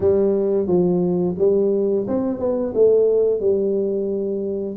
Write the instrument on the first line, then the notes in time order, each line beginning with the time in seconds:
tuba
0.00 G3
0.67 F3
1.38 G3
2.07 C4
2.39 B3
2.74 A3
3.39 G3